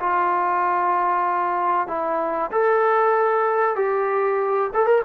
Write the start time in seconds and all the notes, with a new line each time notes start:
0.00 F4
1.87 E4
2.51 A4
3.76 G4
4.74 A4
4.86 A#4